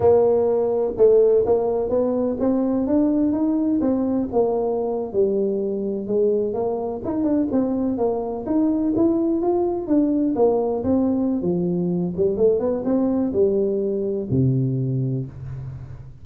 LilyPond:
\new Staff \with { instrumentName = "tuba" } { \time 4/4 \tempo 4 = 126 ais2 a4 ais4 | b4 c'4 d'4 dis'4 | c'4 ais4.~ ais16 g4~ g16~ | g8. gis4 ais4 dis'8 d'8 c'16~ |
c'8. ais4 dis'4 e'4 f'16~ | f'8. d'4 ais4 c'4~ c'16 | f4. g8 a8 b8 c'4 | g2 c2 | }